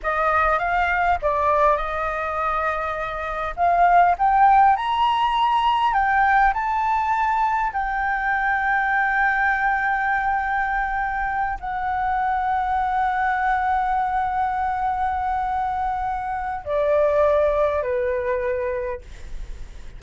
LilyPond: \new Staff \with { instrumentName = "flute" } { \time 4/4 \tempo 4 = 101 dis''4 f''4 d''4 dis''4~ | dis''2 f''4 g''4 | ais''2 g''4 a''4~ | a''4 g''2.~ |
g''2.~ g''8 fis''8~ | fis''1~ | fis''1 | d''2 b'2 | }